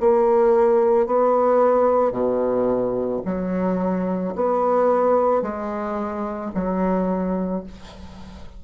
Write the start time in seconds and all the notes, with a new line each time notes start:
0.00 A#3
1.07 B3
2.12 B2
3.25 F#3
4.35 B3
5.42 G#3
6.55 F#3